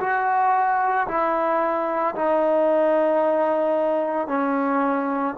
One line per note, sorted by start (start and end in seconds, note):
0.00 1.07 F#4
1.08 2.15 E4
2.15 4.28 D#4
4.28 5.35 C#4